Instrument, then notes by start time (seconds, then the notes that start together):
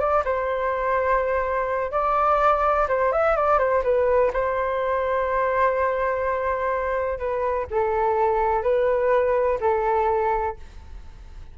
flute
0.00 D5
0.25 C5
1.92 D5
2.88 C5
3.12 E5
3.37 D5
3.59 C5
3.84 B4
4.34 C5
7.19 B4
7.71 A4
8.63 B4
9.61 A4